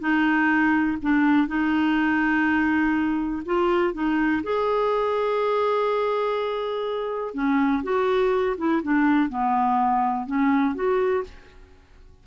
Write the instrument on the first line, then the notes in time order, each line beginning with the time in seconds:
clarinet
0.00 D#4
1.02 D4
1.47 D#4
3.45 F4
3.94 D#4
4.43 G#4
7.34 C#4
7.83 F#4
8.58 E4
8.83 D4
9.29 B3
10.27 C#4
10.75 F#4